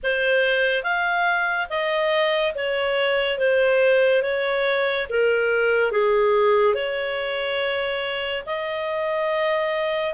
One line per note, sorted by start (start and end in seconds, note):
0.03 0.83 C5
0.83 1.67 F5
1.69 2.54 D#5
2.54 3.38 C#5
3.38 4.22 C5
4.22 5.07 C#5
5.09 5.92 A#4
5.92 6.74 G#4
6.74 8.43 C#5
8.46 10.13 D#5